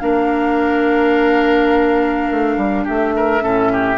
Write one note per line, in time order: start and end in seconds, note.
0.00 2.30 A#3
0.00 3.41 D4
0.00 2.84 A#4
0.00 2.86 F5
2.30 2.57 A3
2.57 2.85 G3
2.84 3.42 A3
2.84 3.13 G4
2.84 3.98 E5
3.16 3.43 A#4
3.41 3.98 A2
3.41 3.98 C#4
3.41 3.72 A4
3.72 3.98 G4